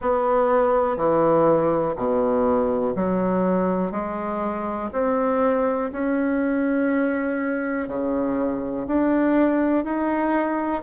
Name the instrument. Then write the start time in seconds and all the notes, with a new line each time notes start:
bassoon
0.00 B3
0.97 E3
1.95 B2
2.95 F#3
3.91 G#3
4.92 C4
5.92 C#4
7.87 C#3
8.87 D4
9.84 D#4